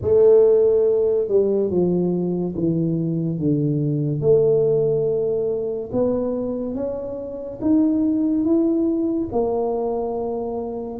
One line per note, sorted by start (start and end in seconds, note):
0.01 1.28 A3
1.28 1.69 G3
1.69 2.54 F3
2.55 3.38 E3
3.38 4.20 D3
4.20 5.89 A3
5.92 6.74 B3
6.74 7.59 C#4
7.61 8.44 D#4
8.44 9.28 E4
9.31 10.99 A#3